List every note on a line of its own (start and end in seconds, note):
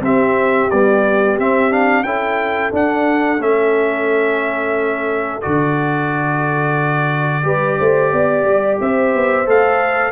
0.00 0.67 C4
0.00 0.70 C4
0.00 2.05 G4
0.00 0.70 E5
0.70 1.39 G3
0.70 1.38 B3
0.70 1.37 D5
1.38 2.04 C4
1.38 1.70 C4
1.38 1.72 E5
1.70 2.04 D4
1.70 2.03 F5
2.03 2.71 C#4
2.03 2.72 E4
2.03 7.44 A4
2.03 2.70 G5
2.72 3.38 D4
2.72 3.41 F#5
3.38 5.40 A3
3.38 5.41 C#4
3.38 5.41 E5
5.41 7.44 D3
5.41 7.42 F#4
5.41 8.78 D5
7.42 7.78 G3
7.42 9.45 G4
7.42 7.78 B4
7.78 8.12 A3
7.78 8.11 C5
8.11 8.44 B3
8.11 8.79 D5
8.44 8.77 G3
8.80 9.14 C4
8.80 10.11 C5
8.80 9.48 E5
9.14 9.46 B3
9.45 10.11 A3
9.45 10.11 A4
9.45 10.11 F5